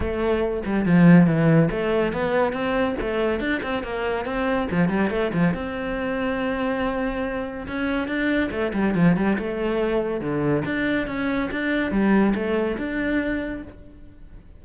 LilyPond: \new Staff \with { instrumentName = "cello" } { \time 4/4 \tempo 4 = 141 a4. g8 f4 e4 | a4 b4 c'4 a4 | d'8 c'8 ais4 c'4 f8 g8 | a8 f8 c'2.~ |
c'2 cis'4 d'4 | a8 g8 f8 g8 a2 | d4 d'4 cis'4 d'4 | g4 a4 d'2 | }